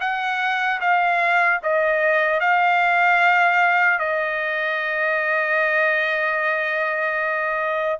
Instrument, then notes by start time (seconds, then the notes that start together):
trumpet
0.00 F#5
0.80 F5
1.63 D#5
2.40 F5
3.99 D#5